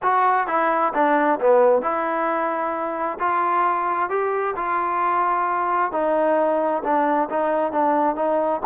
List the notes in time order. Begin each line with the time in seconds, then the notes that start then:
0.02 F#4
0.47 E4
0.94 D4
1.40 B3
1.82 E4
3.19 F4
4.09 G4
4.56 F4
5.92 D#4
6.83 D4
7.29 D#4
7.71 D4
8.15 D#4